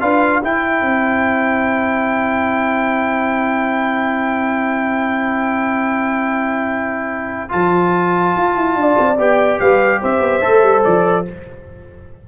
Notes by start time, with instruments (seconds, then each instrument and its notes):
0.00 tuba D4, trombone F4, horn B4, trumpet F5
0.42 tuba E4, trombone E4, horn C5, trumpet G5
0.80 tuba C4
7.49 tuba F3, trombone F4, trumpet A5
8.35 tuba F4
8.55 tuba E4
8.75 tuba D4, horn D5
8.98 tuba C4
9.18 tuba B3, trombone G4, trumpet G5
9.60 tuba G3, horn B4, trumpet F5
10.00 tuba C4, horn C5, trumpet E5
10.20 tuba B3
10.41 tuba A3, trombone A4
10.62 tuba G3
10.84 tuba F3, trumpet D5